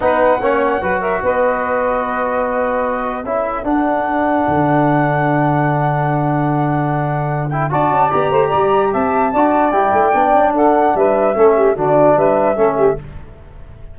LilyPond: <<
  \new Staff \with { instrumentName = "flute" } { \time 4/4 \tempo 4 = 148 fis''2~ fis''8 e''8 dis''4~ | dis''1 | e''4 fis''2.~ | fis''1~ |
fis''2~ fis''8 g''8 a''4 | ais''2 a''2 | g''2 fis''4 e''4~ | e''4 d''4 e''2 | }
  \new Staff \with { instrumentName = "saxophone" } { \time 4/4 b'4 cis''4 b'8 ais'8 b'4~ | b'1 | a'1~ | a'1~ |
a'2. d''4~ | d''8 c''8 d''4 e''4 d''4~ | d''2 a'4 b'4 | a'8 g'8 fis'4 b'4 a'8 g'8 | }
  \new Staff \with { instrumentName = "trombone" } { \time 4/4 dis'4 cis'4 fis'2~ | fis'1 | e'4 d'2.~ | d'1~ |
d'2~ d'8 e'8 fis'4 | g'2. fis'4 | e'4 d'2. | cis'4 d'2 cis'4 | }
  \new Staff \with { instrumentName = "tuba" } { \time 4/4 b4 ais4 fis4 b4~ | b1 | cis'4 d'2 d4~ | d1~ |
d2. d'8 cis'8 | b8 a8 g4 c'4 d'4 | g8 a8 b8 cis'8 d'4 g4 | a4 d4 g4 a4 | }
>>